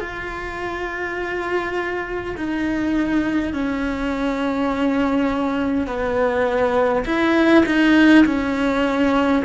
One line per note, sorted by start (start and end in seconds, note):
0.00 2.35 F4
2.36 3.53 D#4
3.53 5.87 C#4
5.87 7.04 B3
7.05 7.64 E4
7.66 8.25 D#4
8.25 9.43 C#4